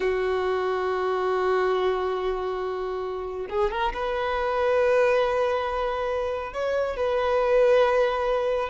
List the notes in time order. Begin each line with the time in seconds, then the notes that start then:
0.00 F#4
3.49 G#4
3.71 A#4
3.93 B4
6.53 C#5
6.96 B4